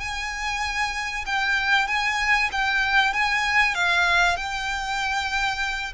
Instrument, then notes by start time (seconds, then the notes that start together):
violin
0.00 G#5
1.26 G5
1.88 G#5
2.52 G5
3.13 G#5
3.74 F5
4.37 G5